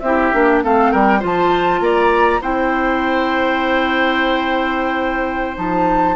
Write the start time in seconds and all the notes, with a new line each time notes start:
0.00 C4 E4 G4 E5
0.34 A#3 D4
0.64 A3 C4 A4 F5
0.92 G3 A#4 G5
1.20 F3 F4 C5
1.26 A5
1.80 A#3 D5 A#5
2.41 C4 E4 C5 G5
5.55 F3 D#4 A5